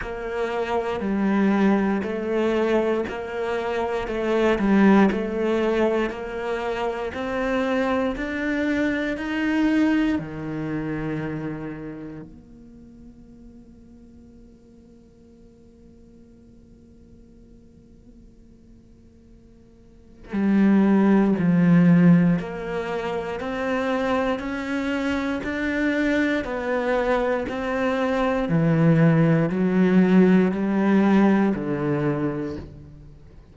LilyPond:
\new Staff \with { instrumentName = "cello" } { \time 4/4 \tempo 4 = 59 ais4 g4 a4 ais4 | a8 g8 a4 ais4 c'4 | d'4 dis'4 dis2 | ais1~ |
ais1 | g4 f4 ais4 c'4 | cis'4 d'4 b4 c'4 | e4 fis4 g4 d4 | }